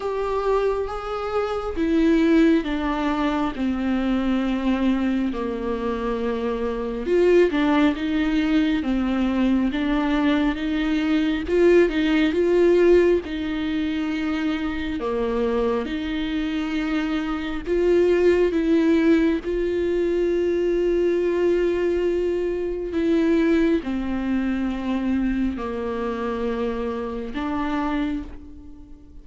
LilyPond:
\new Staff \with { instrumentName = "viola" } { \time 4/4 \tempo 4 = 68 g'4 gis'4 e'4 d'4 | c'2 ais2 | f'8 d'8 dis'4 c'4 d'4 | dis'4 f'8 dis'8 f'4 dis'4~ |
dis'4 ais4 dis'2 | f'4 e'4 f'2~ | f'2 e'4 c'4~ | c'4 ais2 d'4 | }